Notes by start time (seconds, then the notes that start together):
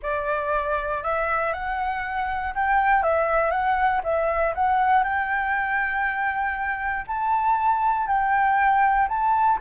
0.02 D5
1.03 E5
1.53 F#5
2.54 G5
3.03 E5
3.50 F#5
4.03 E5
4.54 F#5
5.03 G5
7.07 A5
8.07 G5
9.08 A5